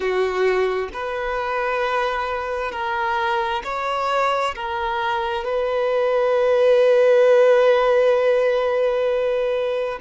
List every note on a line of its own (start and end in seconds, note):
0.00 0.88 F#4
0.93 2.71 B4
2.71 3.62 A#4
3.64 4.55 C#5
4.55 5.44 A#4
5.44 9.99 B4